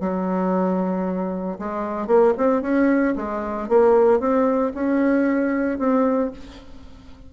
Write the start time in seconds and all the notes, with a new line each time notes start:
0.00 F#3
1.58 G#3
2.07 A#3
2.37 C4
2.62 C#4
3.16 G#3
3.68 A#3
4.19 C4
4.74 C#4
5.78 C4